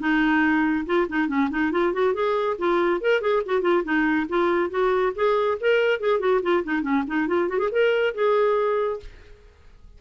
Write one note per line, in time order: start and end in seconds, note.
0.00 0.86 D#4
0.86 1.08 F4
1.09 1.28 D#4
1.28 1.50 C#4
1.51 1.72 D#4
1.72 1.93 F4
1.94 2.14 F#4
2.14 2.57 G#4
2.59 3.01 F4
3.01 3.22 A#4
3.22 3.43 G#4
3.46 3.62 F#4
3.62 3.84 F4
3.84 4.27 D#4
4.29 4.70 F4
4.70 5.13 F#4
5.16 5.59 G#4
5.61 6.00 A#4
6.00 6.20 G#4
6.20 6.41 F#4
6.43 6.64 F4
6.64 6.82 D#4
6.82 7.04 C#4
7.08 7.28 D#4
7.28 7.49 F4
7.49 7.59 F#4
7.59 7.70 G#4
7.72 8.15 A#4
8.15 9.01 G#4